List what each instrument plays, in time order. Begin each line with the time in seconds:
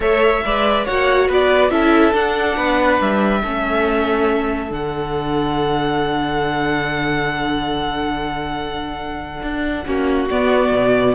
0.00 cello A3, viola A4, violin C#5 E5
0.44 cello G#3, viola B4, violin D5
0.85 cello A#3, viola F#4, violin C#5 F#5
1.28 cello B3, violin B4 D5
1.70 cello C#4, viola E4, violin A4 E5
2.12 viola D4, cello D4, violin F#5
2.57 cello B3, violin B4
3.00 cello G3, violin E5
3.41 cello A3, viola C#4, violin A4
4.68 cello D3, viola D4, violin F#5
9.42 cello D4
9.85 cello A#3, viola C#4, violin F#4
10.30 viola B3, cello B3, violin D5
10.72 cello B2